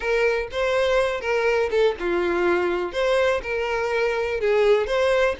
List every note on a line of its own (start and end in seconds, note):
0.00 0.47 A#4
0.51 1.20 C5
1.20 1.69 A#4
1.70 1.95 A4
1.99 2.92 F4
2.92 3.41 C5
3.43 4.40 A#4
4.40 4.86 G#4
4.86 5.35 C5